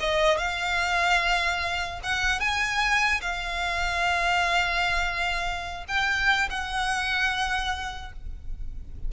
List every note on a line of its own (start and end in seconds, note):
0.00 0.37 D#5
0.37 2.00 F5
2.03 2.40 F#5
2.40 3.21 G#5
3.21 5.85 F5
5.88 6.49 G5
6.50 8.12 F#5